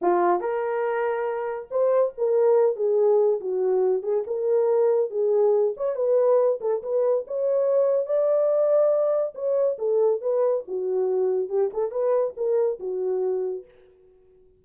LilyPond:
\new Staff \with { instrumentName = "horn" } { \time 4/4 \tempo 4 = 141 f'4 ais'2. | c''4 ais'4. gis'4. | fis'4. gis'8 ais'2 | gis'4. cis''8 b'4. a'8 |
b'4 cis''2 d''4~ | d''2 cis''4 a'4 | b'4 fis'2 g'8 a'8 | b'4 ais'4 fis'2 | }